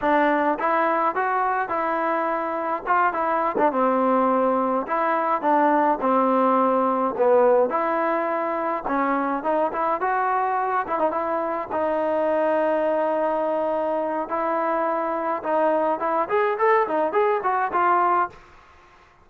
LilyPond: \new Staff \with { instrumentName = "trombone" } { \time 4/4 \tempo 4 = 105 d'4 e'4 fis'4 e'4~ | e'4 f'8 e'8. d'16 c'4.~ | c'8 e'4 d'4 c'4.~ | c'8 b4 e'2 cis'8~ |
cis'8 dis'8 e'8 fis'4. e'16 dis'16 e'8~ | e'8 dis'2.~ dis'8~ | dis'4 e'2 dis'4 | e'8 gis'8 a'8 dis'8 gis'8 fis'8 f'4 | }